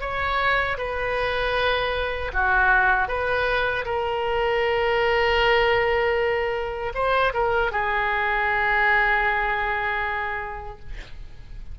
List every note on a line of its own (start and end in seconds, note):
0.00 0.77 C#5
0.78 2.31 B4
2.33 3.08 F#4
3.08 3.85 B4
3.85 6.93 A#4
6.94 7.33 C5
7.34 7.71 A#4
7.71 10.79 G#4